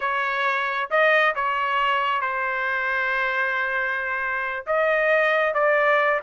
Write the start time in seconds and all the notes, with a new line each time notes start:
0.00 C#5
0.90 D#5
1.35 C#5
2.21 C5
4.66 D#5
5.54 D5